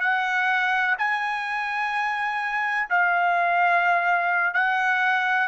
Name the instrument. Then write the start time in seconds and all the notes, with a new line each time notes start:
trumpet
0.00 F#5
0.98 G#5
2.89 F5
4.54 F#5